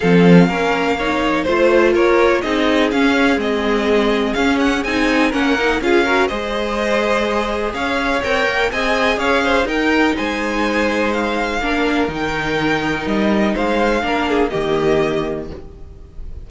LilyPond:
<<
  \new Staff \with { instrumentName = "violin" } { \time 4/4 \tempo 4 = 124 f''2. c''4 | cis''4 dis''4 f''4 dis''4~ | dis''4 f''8 fis''8 gis''4 fis''4 | f''4 dis''2. |
f''4 g''4 gis''4 f''4 | g''4 gis''2 f''4~ | f''4 g''2 dis''4 | f''2 dis''2 | }
  \new Staff \with { instrumentName = "violin" } { \time 4/4 a'4 ais'4 cis''4 c''4 | ais'4 gis'2.~ | gis'2. ais'4 | gis'8 ais'8 c''2. |
cis''2 dis''4 cis''8 c''8 | ais'4 c''2. | ais'1 | c''4 ais'8 gis'8 g'2 | }
  \new Staff \with { instrumentName = "viola" } { \time 4/4 c'4 cis'4 dis'4 f'4~ | f'4 dis'4 cis'4 c'4~ | c'4 cis'4 dis'4 cis'8 dis'8 | f'8 fis'8 gis'2.~ |
gis'4 ais'4 gis'2 | dis'1 | d'4 dis'2.~ | dis'4 d'4 ais2 | }
  \new Staff \with { instrumentName = "cello" } { \time 4/4 f4 ais2 a4 | ais4 c'4 cis'4 gis4~ | gis4 cis'4 c'4 ais4 | cis'4 gis2. |
cis'4 c'8 ais8 c'4 cis'4 | dis'4 gis2. | ais4 dis2 g4 | gis4 ais4 dis2 | }
>>